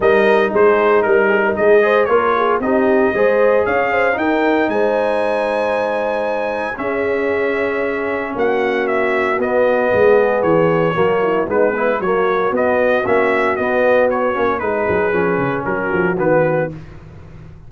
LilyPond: <<
  \new Staff \with { instrumentName = "trumpet" } { \time 4/4 \tempo 4 = 115 dis''4 c''4 ais'4 dis''4 | cis''4 dis''2 f''4 | g''4 gis''2.~ | gis''4 e''2. |
fis''4 e''4 dis''2 | cis''2 b'4 cis''4 | dis''4 e''4 dis''4 cis''4 | b'2 ais'4 b'4 | }
  \new Staff \with { instrumentName = "horn" } { \time 4/4 ais'4 gis'4 ais'8 gis'16 ais'16 gis'8 c''8 | ais'8 gis'8 g'4 c''4 cis''8 c''8 | ais'4 c''2.~ | c''4 gis'2. |
fis'2. gis'4~ | gis'4 fis'8 e'8 dis'8 b8 fis'4~ | fis'1 | gis'2 fis'2 | }
  \new Staff \with { instrumentName = "trombone" } { \time 4/4 dis'2.~ dis'8 gis'8 | f'4 dis'4 gis'2 | dis'1~ | dis'4 cis'2.~ |
cis'2 b2~ | b4 ais4 b8 e'8 ais4 | b4 cis'4 b4. cis'8 | dis'4 cis'2 b4 | }
  \new Staff \with { instrumentName = "tuba" } { \time 4/4 g4 gis4 g4 gis4 | ais4 c'4 gis4 cis'4 | dis'4 gis2.~ | gis4 cis'2. |
ais2 b4 gis4 | e4 fis4 gis4 fis4 | b4 ais4 b4. ais8 | gis8 fis8 f8 cis8 fis8 f8 dis4 | }
>>